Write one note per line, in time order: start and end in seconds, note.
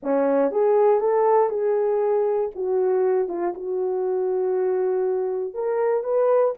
0.03 0.51 C#4
0.51 1.00 G#4
1.00 1.49 A4
1.49 2.50 G#4
2.55 3.28 F#4
3.28 3.53 F4
3.54 5.53 F#4
5.53 6.03 A#4
6.03 6.54 B4